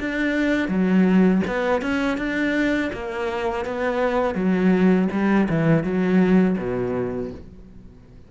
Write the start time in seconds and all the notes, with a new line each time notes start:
0.00 D4
0.68 F#3
1.47 B3
1.82 C#4
2.18 D4
2.93 A#3
3.65 B3
4.35 F#3
5.12 G3
5.49 E3
5.83 F#3
6.58 B2